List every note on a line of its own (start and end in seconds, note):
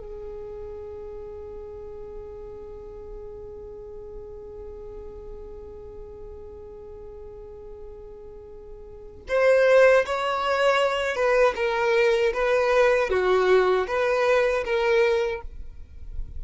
0.00 9.23 G#4
9.29 10.06 C5
10.06 11.16 C#5
11.16 11.55 B4
11.56 12.33 A#4
12.34 13.10 B4
13.10 13.87 F#4
13.87 14.64 B4
14.65 15.42 A#4